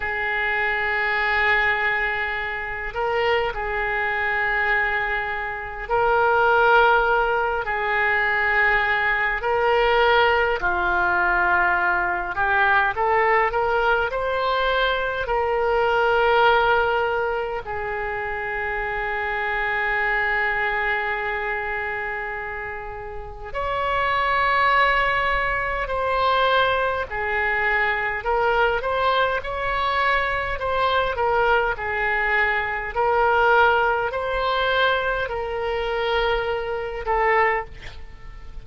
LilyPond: \new Staff \with { instrumentName = "oboe" } { \time 4/4 \tempo 4 = 51 gis'2~ gis'8 ais'8 gis'4~ | gis'4 ais'4. gis'4. | ais'4 f'4. g'8 a'8 ais'8 | c''4 ais'2 gis'4~ |
gis'1 | cis''2 c''4 gis'4 | ais'8 c''8 cis''4 c''8 ais'8 gis'4 | ais'4 c''4 ais'4. a'8 | }